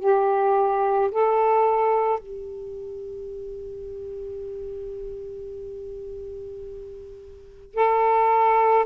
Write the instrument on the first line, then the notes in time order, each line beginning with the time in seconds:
saxophone
0.00 G4
1.12 A4
2.20 G4
7.75 A4